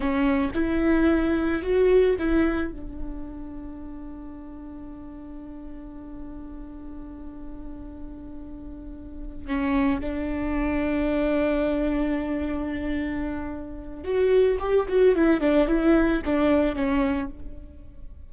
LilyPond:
\new Staff \with { instrumentName = "viola" } { \time 4/4 \tempo 4 = 111 cis'4 e'2 fis'4 | e'4 d'2.~ | d'1~ | d'1~ |
d'4. cis'4 d'4.~ | d'1~ | d'2 fis'4 g'8 fis'8 | e'8 d'8 e'4 d'4 cis'4 | }